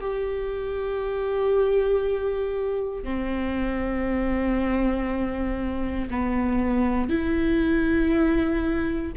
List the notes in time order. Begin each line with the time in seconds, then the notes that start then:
0.00 G4
3.03 C4
6.10 B3
7.09 E4